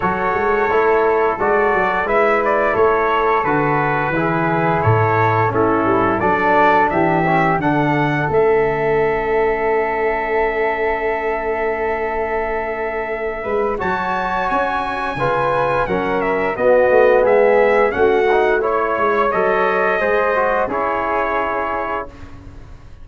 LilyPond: <<
  \new Staff \with { instrumentName = "trumpet" } { \time 4/4 \tempo 4 = 87 cis''2 d''4 e''8 d''8 | cis''4 b'2 cis''4 | a'4 d''4 e''4 fis''4 | e''1~ |
e''1 | a''4 gis''2 fis''8 e''8 | dis''4 e''4 fis''4 cis''4 | dis''2 cis''2 | }
  \new Staff \with { instrumentName = "flute" } { \time 4/4 a'2. b'4 | a'2 gis'4 a'4 | e'4 a'4 g'4 a'4~ | a'1~ |
a'2.~ a'8 b'8 | cis''2 b'4 ais'4 | fis'4 gis'4 fis'4 cis''4~ | cis''4 c''4 gis'2 | }
  \new Staff \with { instrumentName = "trombone" } { \time 4/4 fis'4 e'4 fis'4 e'4~ | e'4 fis'4 e'2 | cis'4 d'4. cis'8 d'4 | cis'1~ |
cis'1 | fis'2 f'4 cis'4 | b2 cis'8 dis'8 e'4 | a'4 gis'8 fis'8 e'2 | }
  \new Staff \with { instrumentName = "tuba" } { \time 4/4 fis8 gis8 a4 gis8 fis8 gis4 | a4 d4 e4 a,4 | a8 g8 fis4 e4 d4 | a1~ |
a2.~ a8 gis8 | fis4 cis'4 cis4 fis4 | b8 a8 gis4 a4. gis8 | fis4 gis4 cis'2 | }
>>